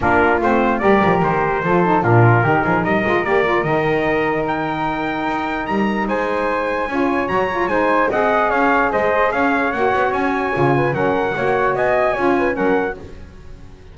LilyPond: <<
  \new Staff \with { instrumentName = "trumpet" } { \time 4/4 \tempo 4 = 148 ais'4 c''4 d''4 c''4~ | c''4 ais'2 dis''4 | d''4 dis''2 g''4~ | g''2 ais''4 gis''4~ |
gis''2 ais''4 gis''4 | fis''4 f''4 dis''4 f''4 | fis''4 gis''2 fis''4~ | fis''4 gis''2 fis''4 | }
  \new Staff \with { instrumentName = "flute" } { \time 4/4 f'2 ais'2 | a'4 f'4 g'8 gis'8 ais'4~ | ais'1~ | ais'2. c''4~ |
c''4 cis''2 c''4 | dis''4 cis''4 c''4 cis''4~ | cis''2~ cis''8 b'8 ais'4 | cis''4 dis''4 cis''8 b'8 ais'4 | }
  \new Staff \with { instrumentName = "saxophone" } { \time 4/4 d'4 c'4 g'2 | f'8 dis'8 d'4 dis'4. f'8 | g'8 f'8 dis'2.~ | dis'1~ |
dis'4 f'4 fis'8 f'8 dis'4 | gis'1 | fis'2 f'4 cis'4 | fis'2 f'4 cis'4 | }
  \new Staff \with { instrumentName = "double bass" } { \time 4/4 ais4 a4 g8 f8 dis4 | f4 ais,4 dis8 f8 g8 gis8 | ais4 dis2.~ | dis4 dis'4 g4 gis4~ |
gis4 cis'4 fis4 gis4 | c'4 cis'4 gis4 cis'4 | ais8 b8 cis'4 cis4 fis4 | ais4 b4 cis'4 fis4 | }
>>